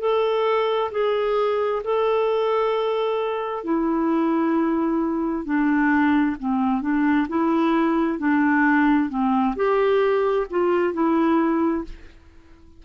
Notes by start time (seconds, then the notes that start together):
0.00 A4
0.91 G#4
1.84 A4
3.64 E4
5.45 D4
6.40 C4
6.81 D4
7.29 E4
8.19 D4
9.10 C4
9.56 G4
10.50 F4
10.94 E4